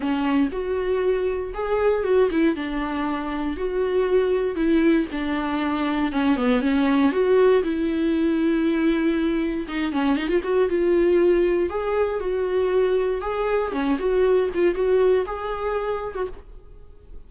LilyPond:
\new Staff \with { instrumentName = "viola" } { \time 4/4 \tempo 4 = 118 cis'4 fis'2 gis'4 | fis'8 e'8 d'2 fis'4~ | fis'4 e'4 d'2 | cis'8 b8 cis'4 fis'4 e'4~ |
e'2. dis'8 cis'8 | dis'16 f'16 fis'8 f'2 gis'4 | fis'2 gis'4 cis'8 fis'8~ | fis'8 f'8 fis'4 gis'4.~ gis'16 fis'16 | }